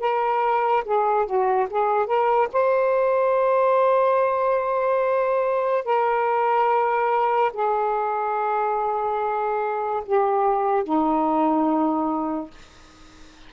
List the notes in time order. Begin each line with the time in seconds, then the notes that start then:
0.00 A#4
0.84 G#4
1.26 F#4
1.70 G#4
2.06 A#4
2.52 C5
5.84 A#4
7.53 G#4
10.05 G4
10.84 D#4